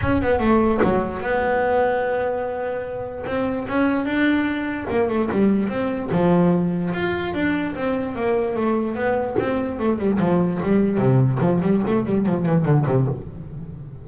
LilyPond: \new Staff \with { instrumentName = "double bass" } { \time 4/4 \tempo 4 = 147 cis'8 b8 a4 fis4 b4~ | b1 | c'4 cis'4 d'2 | ais8 a8 g4 c'4 f4~ |
f4 f'4 d'4 c'4 | ais4 a4 b4 c'4 | a8 g8 f4 g4 c4 | f8 g8 a8 g8 f8 e8 d8 c8 | }